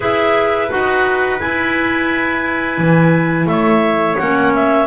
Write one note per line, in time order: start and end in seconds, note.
0.00 0.70 E4
0.00 0.68 G#4
0.00 3.49 B4
0.00 0.71 E5
0.69 1.41 D#4
0.69 1.38 F#4
0.69 1.40 F#5
1.40 4.18 E4
1.40 2.77 E4
1.40 3.47 G#5
2.77 3.46 E3
3.46 4.16 A3
3.46 4.86 C#5
3.46 4.17 E5
4.17 4.86 A#3
4.17 4.86 C#4
4.17 4.52 F#5
4.54 4.86 E5